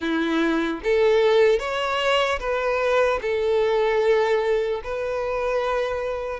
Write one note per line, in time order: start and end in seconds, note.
0.00 0.80 E4
0.83 1.59 A4
1.59 2.39 C#5
2.39 3.19 B4
3.21 4.81 A4
4.83 6.40 B4